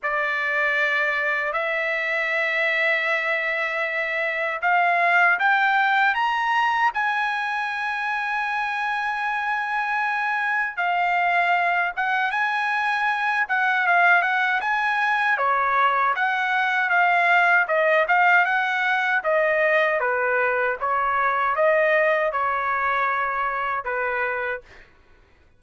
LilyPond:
\new Staff \with { instrumentName = "trumpet" } { \time 4/4 \tempo 4 = 78 d''2 e''2~ | e''2 f''4 g''4 | ais''4 gis''2.~ | gis''2 f''4. fis''8 |
gis''4. fis''8 f''8 fis''8 gis''4 | cis''4 fis''4 f''4 dis''8 f''8 | fis''4 dis''4 b'4 cis''4 | dis''4 cis''2 b'4 | }